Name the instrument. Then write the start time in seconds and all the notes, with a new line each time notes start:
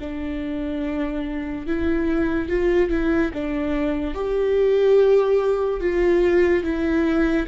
viola
0.00 D4
1.67 E4
2.49 F4
2.90 E4
3.33 D4
4.14 G4
5.80 F4
6.63 E4